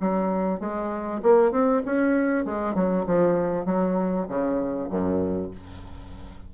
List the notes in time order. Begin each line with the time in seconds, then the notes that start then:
0.00 F#3
0.60 G#3
1.22 A#3
1.51 C4
1.85 C#4
2.45 G#3
2.75 F#3
3.06 F3
3.65 F#3
4.28 C#3
4.90 F#2